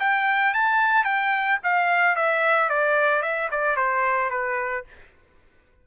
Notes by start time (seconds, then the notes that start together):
0.00 G5
0.54 A5
1.04 G5
1.63 F5
2.15 E5
2.69 D5
3.22 E5
3.51 D5
3.76 C5
4.30 B4